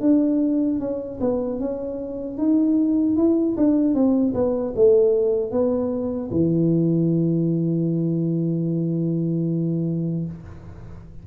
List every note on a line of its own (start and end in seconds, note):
0.00 0.79 D4
0.79 1.19 C#4
1.20 1.59 B3
1.59 2.37 C#4
2.37 3.16 D#4
3.16 3.55 E4
3.57 3.94 D4
3.94 4.33 C4
4.34 4.73 B3
4.75 5.51 A3
5.51 6.30 B3
6.31 10.25 E3